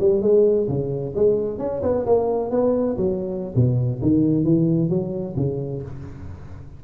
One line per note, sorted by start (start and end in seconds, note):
0.00 0.22 G3
0.22 0.68 G#3
0.69 1.15 C#3
1.16 1.59 G#3
1.59 1.82 C#4
1.83 2.06 B3
2.06 2.51 A#3
2.51 2.97 B3
2.97 3.55 F#3
3.56 4.01 B2
4.02 4.44 D#3
4.44 4.89 E3
4.89 5.35 F#3
5.37 5.83 C#3